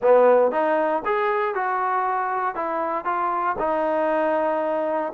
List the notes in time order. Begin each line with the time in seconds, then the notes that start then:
0.01 B3
0.51 D#4
1.05 G#4
1.54 F#4
2.55 E4
3.04 F4
3.59 D#4